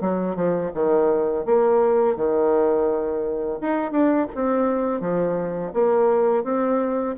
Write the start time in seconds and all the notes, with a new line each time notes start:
0.00 F#3
0.35 F3
0.74 D#3
1.45 A#3
2.16 D#3
3.60 D#4
3.91 D4
4.35 C4
5.00 F3
5.73 A#3
6.44 C4